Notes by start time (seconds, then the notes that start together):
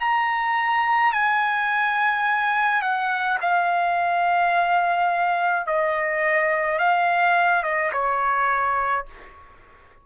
0.00 A#5
1.12 G#5
2.81 F#5
3.41 F5
5.66 D#5
6.78 F5
7.63 D#5
7.92 C#5